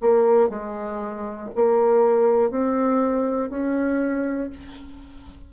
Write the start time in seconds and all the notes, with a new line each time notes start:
0.00 A#3
0.49 G#3
1.55 A#3
2.50 C4
3.49 C#4